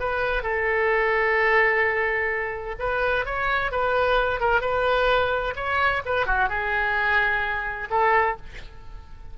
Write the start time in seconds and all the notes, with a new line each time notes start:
0.00 B4
0.43 A4
2.79 B4
3.26 C#5
3.71 B4
4.40 A#4
4.61 B4
5.56 C#5
6.05 B4
6.27 F#4
6.49 G#4
7.90 A4